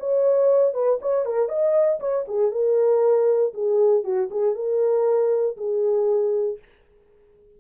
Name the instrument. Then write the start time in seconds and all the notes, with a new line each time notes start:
horn
0.00 C#5
0.74 B4
1.01 C#5
1.26 A#4
1.49 D#5
2.00 C#5
2.28 G#4
2.52 A#4
3.54 G#4
4.04 F#4
4.31 G#4
4.55 A#4
5.57 G#4